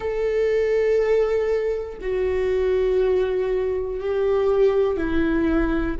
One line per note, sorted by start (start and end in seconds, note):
0.00 1.98 A4
2.01 4.00 F#4
4.00 4.96 G4
4.96 5.96 E4